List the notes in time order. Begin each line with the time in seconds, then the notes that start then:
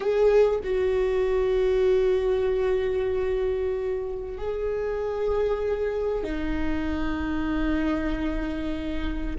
0.00 G#4
0.63 F#4
4.38 G#4
6.23 D#4